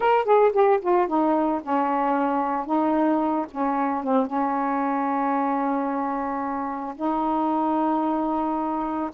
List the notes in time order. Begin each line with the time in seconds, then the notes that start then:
0.00 A#4
0.24 G#4
0.52 G4
0.81 F4
1.07 D#4
1.62 C#4
2.65 D#4
3.51 C#4
4.03 C4
4.26 C#4
6.95 D#4